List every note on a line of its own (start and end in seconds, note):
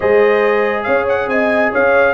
0.00 0.87 G#3
0.00 2.14 G#4
0.00 0.84 C5
0.00 0.83 D#5
0.83 1.28 C#4
0.83 1.29 C#5
0.83 1.04 F5
1.08 1.29 F#5
1.28 1.71 C4
1.28 1.71 D#5
1.28 1.72 G#5
1.71 2.14 C#4
1.71 2.14 C#5
1.71 2.14 F5